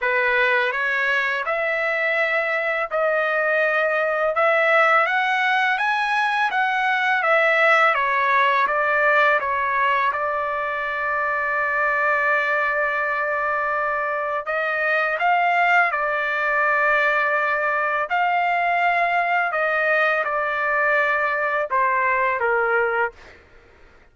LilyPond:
\new Staff \with { instrumentName = "trumpet" } { \time 4/4 \tempo 4 = 83 b'4 cis''4 e''2 | dis''2 e''4 fis''4 | gis''4 fis''4 e''4 cis''4 | d''4 cis''4 d''2~ |
d''1 | dis''4 f''4 d''2~ | d''4 f''2 dis''4 | d''2 c''4 ais'4 | }